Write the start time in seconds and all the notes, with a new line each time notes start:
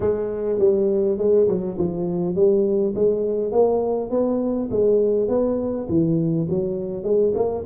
0.00 G#3
0.59 G3
1.18 G#3
1.48 F#3
1.78 F3
2.35 G3
2.95 G#3
3.51 A#3
4.10 B3
4.70 G#3
5.28 B3
5.89 E3
6.49 F#3
7.03 G#3
7.34 A#3